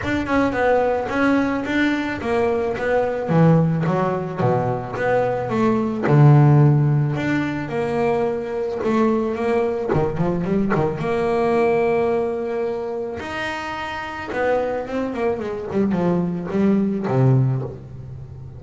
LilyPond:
\new Staff \with { instrumentName = "double bass" } { \time 4/4 \tempo 4 = 109 d'8 cis'8 b4 cis'4 d'4 | ais4 b4 e4 fis4 | b,4 b4 a4 d4~ | d4 d'4 ais2 |
a4 ais4 dis8 f8 g8 dis8 | ais1 | dis'2 b4 c'8 ais8 | gis8 g8 f4 g4 c4 | }